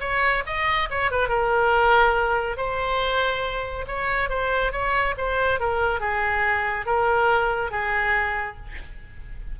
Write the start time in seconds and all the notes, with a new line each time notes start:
0.00 C#5
0.46 D#5
0.90 C#5
1.11 B4
1.28 A#4
2.57 C5
3.87 C#5
4.29 C5
4.72 C#5
5.17 C5
5.59 A#4
6.00 G#4
6.85 A#4
7.71 G#4